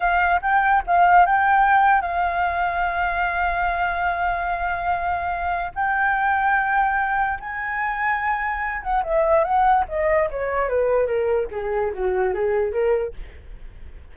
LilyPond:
\new Staff \with { instrumentName = "flute" } { \time 4/4 \tempo 4 = 146 f''4 g''4 f''4 g''4~ | g''4 f''2.~ | f''1~ | f''2 g''2~ |
g''2 gis''2~ | gis''4. fis''8 e''4 fis''4 | dis''4 cis''4 b'4 ais'4 | gis'4 fis'4 gis'4 ais'4 | }